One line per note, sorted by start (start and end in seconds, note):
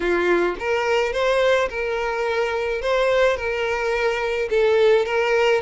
0.00 0.55 F4
0.59 1.12 A#4
1.12 1.68 C5
1.69 2.81 A#4
2.81 3.36 C5
3.36 4.49 A#4
4.50 5.05 A4
5.05 5.61 A#4